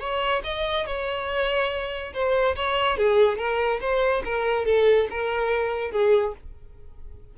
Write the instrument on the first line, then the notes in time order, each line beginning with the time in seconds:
violin
0.00 C#5
0.44 D#5
0.86 C#5
2.14 C5
2.56 C#5
2.98 G#4
3.38 A#4
3.81 C5
4.25 A#4
4.66 A4
5.10 A#4
5.92 G#4